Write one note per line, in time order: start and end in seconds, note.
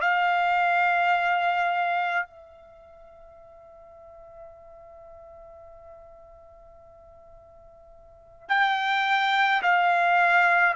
0.00 2.26 F5
2.26 8.49 E5
8.49 9.62 G5
9.62 10.75 F5